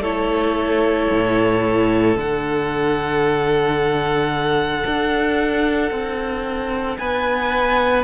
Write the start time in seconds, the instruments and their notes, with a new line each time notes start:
0.00 cello A3, viola E4, violin A4 C#5
1.10 cello A2
2.16 cello D3, viola D4, violin F#5
4.86 cello D4
5.91 cello C4
6.98 cello B3, violin B4 G#5